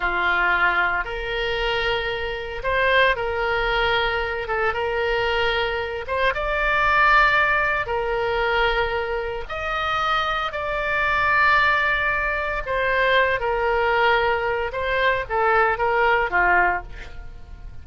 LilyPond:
\new Staff \with { instrumentName = "oboe" } { \time 4/4 \tempo 4 = 114 f'2 ais'2~ | ais'4 c''4 ais'2~ | ais'8 a'8 ais'2~ ais'8 c''8 | d''2. ais'4~ |
ais'2 dis''2 | d''1 | c''4. ais'2~ ais'8 | c''4 a'4 ais'4 f'4 | }